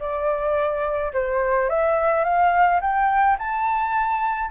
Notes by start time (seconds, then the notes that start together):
0.00 D5
1.14 C5
1.69 E5
2.24 F5
2.81 G5
3.39 A5